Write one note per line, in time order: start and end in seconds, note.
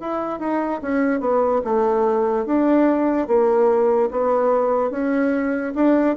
0.00 0.40 E4
0.40 0.81 D#4
0.82 1.20 C#4
1.20 1.61 B3
1.64 2.46 A3
2.46 3.27 D4
3.27 4.09 A#3
4.11 4.91 B3
4.91 5.73 C#4
5.75 6.16 D4